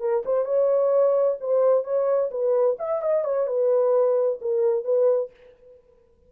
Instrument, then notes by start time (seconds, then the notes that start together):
horn
0.00 A#4
0.25 C5
0.45 C#5
1.40 C5
1.84 C#5
2.31 B4
2.79 E5
3.02 D#5
3.25 C#5
3.47 B4
4.41 A#4
4.84 B4